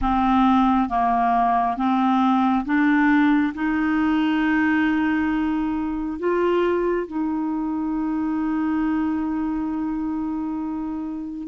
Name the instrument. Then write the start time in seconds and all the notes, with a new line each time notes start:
clarinet
0.01 C4
0.89 A#3
1.76 C4
2.65 D4
3.54 D#4
6.18 F4
7.07 D#4